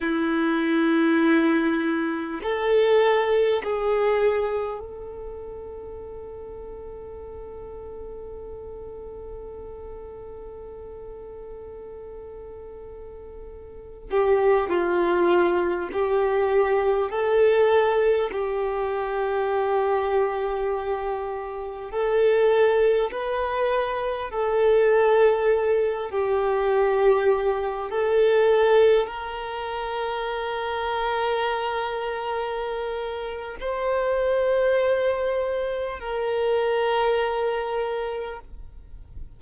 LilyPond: \new Staff \with { instrumentName = "violin" } { \time 4/4 \tempo 4 = 50 e'2 a'4 gis'4 | a'1~ | a'2.~ a'8. g'16~ | g'16 f'4 g'4 a'4 g'8.~ |
g'2~ g'16 a'4 b'8.~ | b'16 a'4. g'4. a'8.~ | a'16 ais'2.~ ais'8. | c''2 ais'2 | }